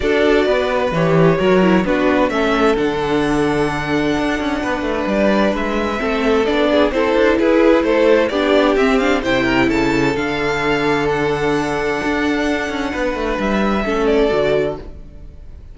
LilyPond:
<<
  \new Staff \with { instrumentName = "violin" } { \time 4/4 \tempo 4 = 130 d''2 cis''2 | b'4 e''4 fis''2~ | fis''2. d''4 | e''2 d''4 c''4 |
b'4 c''4 d''4 e''8 f''8 | g''4 a''4 f''2 | fis''1~ | fis''4 e''4. d''4. | }
  \new Staff \with { instrumentName = "violin" } { \time 4/4 a'4 b'2 ais'4 | fis'4 a'2.~ | a'2 b'2~ | b'4 a'4. gis'8 a'4 |
gis'4 a'4 g'2 | c''8 ais'8 a'2.~ | a'1 | b'2 a'2 | }
  \new Staff \with { instrumentName = "viola" } { \time 4/4 fis'2 g'4 fis'8 e'8 | d'4 cis'4 d'2~ | d'1~ | d'4 c'4 d'4 e'4~ |
e'2 d'4 c'8 d'8 | e'2 d'2~ | d'1~ | d'2 cis'4 fis'4 | }
  \new Staff \with { instrumentName = "cello" } { \time 4/4 d'4 b4 e4 fis4 | b4 a4 d2~ | d4 d'8 cis'8 b8 a8 g4 | gis4 a4 b4 c'8 d'8 |
e'4 a4 b4 c'4 | c4 cis4 d2~ | d2 d'4. cis'8 | b8 a8 g4 a4 d4 | }
>>